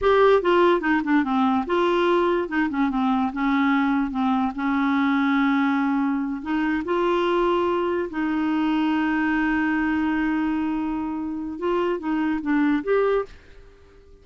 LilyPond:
\new Staff \with { instrumentName = "clarinet" } { \time 4/4 \tempo 4 = 145 g'4 f'4 dis'8 d'8 c'4 | f'2 dis'8 cis'8 c'4 | cis'2 c'4 cis'4~ | cis'2.~ cis'8 dis'8~ |
dis'8 f'2. dis'8~ | dis'1~ | dis'1 | f'4 dis'4 d'4 g'4 | }